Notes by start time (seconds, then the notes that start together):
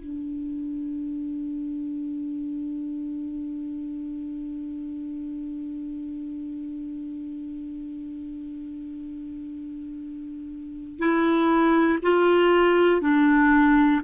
0.00 D4
10.98 E4
12.02 F4
13.00 D4